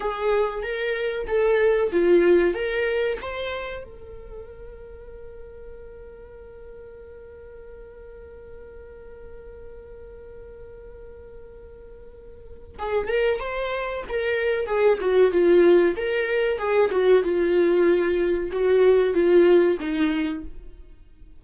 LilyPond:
\new Staff \with { instrumentName = "viola" } { \time 4/4 \tempo 4 = 94 gis'4 ais'4 a'4 f'4 | ais'4 c''4 ais'2~ | ais'1~ | ais'1~ |
ais'1 | gis'8 ais'8 c''4 ais'4 gis'8 fis'8 | f'4 ais'4 gis'8 fis'8 f'4~ | f'4 fis'4 f'4 dis'4 | }